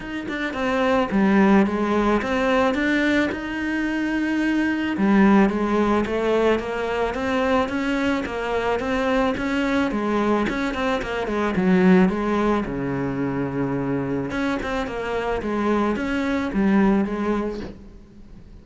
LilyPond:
\new Staff \with { instrumentName = "cello" } { \time 4/4 \tempo 4 = 109 dis'8 d'8 c'4 g4 gis4 | c'4 d'4 dis'2~ | dis'4 g4 gis4 a4 | ais4 c'4 cis'4 ais4 |
c'4 cis'4 gis4 cis'8 c'8 | ais8 gis8 fis4 gis4 cis4~ | cis2 cis'8 c'8 ais4 | gis4 cis'4 g4 gis4 | }